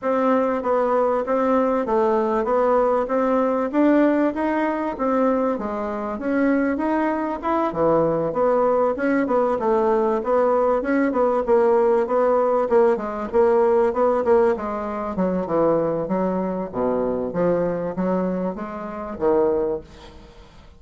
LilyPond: \new Staff \with { instrumentName = "bassoon" } { \time 4/4 \tempo 4 = 97 c'4 b4 c'4 a4 | b4 c'4 d'4 dis'4 | c'4 gis4 cis'4 dis'4 | e'8 e4 b4 cis'8 b8 a8~ |
a8 b4 cis'8 b8 ais4 b8~ | b8 ais8 gis8 ais4 b8 ais8 gis8~ | gis8 fis8 e4 fis4 b,4 | f4 fis4 gis4 dis4 | }